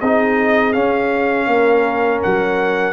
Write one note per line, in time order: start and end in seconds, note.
0.00 0.75 C4
0.00 0.73 D#4
0.00 1.48 G#4
0.00 0.73 D#5
0.73 2.93 C#4
0.73 1.46 C#4
0.73 2.21 F5
1.46 2.21 A#3
1.46 2.93 A#4
2.22 2.93 F#3
2.22 2.93 F#5